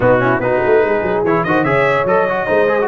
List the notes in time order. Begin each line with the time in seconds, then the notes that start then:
0.00 B2 B3 D#4 F#4
0.18 C#4 E4
0.39 B3 D#4 F#4 B4
0.65 A3
0.82 G#3 G#4
1.02 F#3
1.23 E3 E4 C#5
1.43 D#3 F#4 C5 D#5
1.64 C#3 G#4 C#5 E5
2.04 F#3 A4 D#5
2.28 F#4
2.46 G#3 D#4 C5
2.68 G#4
2.81 F#4